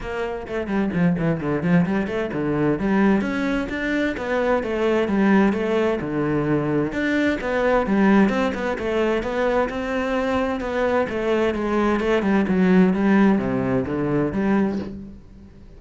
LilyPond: \new Staff \with { instrumentName = "cello" } { \time 4/4 \tempo 4 = 130 ais4 a8 g8 f8 e8 d8 f8 | g8 a8 d4 g4 cis'4 | d'4 b4 a4 g4 | a4 d2 d'4 |
b4 g4 c'8 b8 a4 | b4 c'2 b4 | a4 gis4 a8 g8 fis4 | g4 c4 d4 g4 | }